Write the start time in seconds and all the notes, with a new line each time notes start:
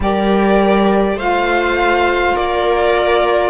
0.00 G3 G4 A#4 D5
1.14 A3 F4 C5 F5
2.34 A#3 A#4 D5